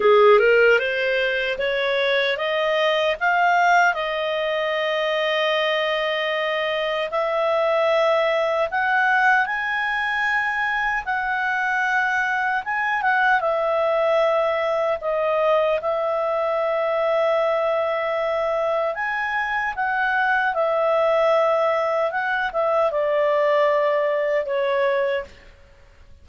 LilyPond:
\new Staff \with { instrumentName = "clarinet" } { \time 4/4 \tempo 4 = 76 gis'8 ais'8 c''4 cis''4 dis''4 | f''4 dis''2.~ | dis''4 e''2 fis''4 | gis''2 fis''2 |
gis''8 fis''8 e''2 dis''4 | e''1 | gis''4 fis''4 e''2 | fis''8 e''8 d''2 cis''4 | }